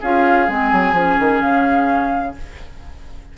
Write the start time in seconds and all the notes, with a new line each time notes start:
0.00 C#4 F4 G#4 F5
0.47 G#3 C4 G#5
0.72 F#3
0.92 F3 C#4
1.19 D#3
1.40 C#3 F5